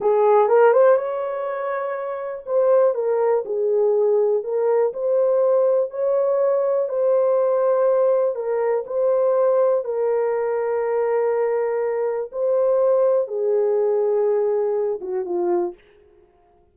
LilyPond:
\new Staff \with { instrumentName = "horn" } { \time 4/4 \tempo 4 = 122 gis'4 ais'8 c''8 cis''2~ | cis''4 c''4 ais'4 gis'4~ | gis'4 ais'4 c''2 | cis''2 c''2~ |
c''4 ais'4 c''2 | ais'1~ | ais'4 c''2 gis'4~ | gis'2~ gis'8 fis'8 f'4 | }